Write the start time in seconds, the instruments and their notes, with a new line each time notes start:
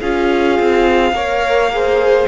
0.00 cello C#4, viola F4, violin G#4 F5
0.59 cello C4
1.12 cello A#3, viola A#4, violin C#5
1.71 viola G#4, violin C5